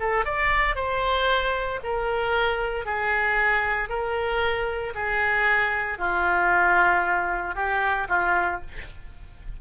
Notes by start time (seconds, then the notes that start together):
0.00 A4
0.25 D5
0.76 C5
1.84 A#4
2.86 G#4
3.89 A#4
4.95 G#4
5.99 F4
7.56 G4
8.09 F4